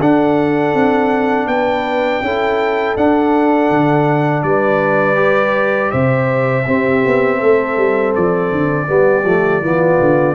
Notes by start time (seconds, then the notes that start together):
0.00 D4 A4 F#5
0.74 C4
1.46 B3 B4 G5
2.21 C#4 E4 A4
2.96 D4 F#5
3.70 D3
4.43 G3 B4 D5
5.15 G4
5.91 C3 C5 E5
6.66 C4 G4
7.06 B3
7.38 A3 A4
7.77 G3
8.15 F3 D5
8.52 D3
8.87 G3 B3 G4
9.24 F3 A3
9.61 E3 B3 F4
10.00 D3